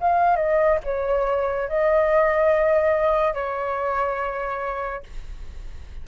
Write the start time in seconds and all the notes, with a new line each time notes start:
0.00 F5
0.36 D#5
0.84 C#5
1.69 D#5
3.34 C#5